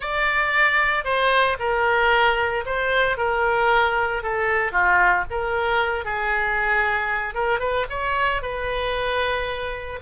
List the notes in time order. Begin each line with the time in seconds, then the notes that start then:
0.00 D5
1.04 C5
1.59 A#4
2.65 C5
3.17 A#4
4.22 A4
4.72 F4
5.30 A#4
6.04 G#4
7.34 A#4
7.59 B4
7.89 C#5
8.41 B4